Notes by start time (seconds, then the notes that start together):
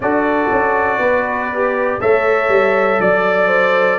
0.00 D4 F#4 A4 D5
0.50 C#4
0.98 B3 B4
1.53 G4
2.00 A3 A4 C#5 E5
2.48 G3
3.00 F#3 D5
3.47 C5